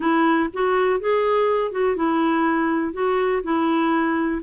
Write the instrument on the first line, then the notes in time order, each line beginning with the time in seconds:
clarinet
0.00 E4
0.53 F#4
0.99 G#4
1.71 F#4
1.96 E4
2.93 F#4
3.43 E4